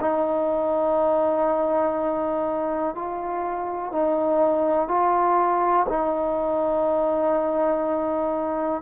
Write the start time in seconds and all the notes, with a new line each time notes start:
0.00 D#4
2.95 F4
3.91 D#4
4.87 F4
5.88 D#4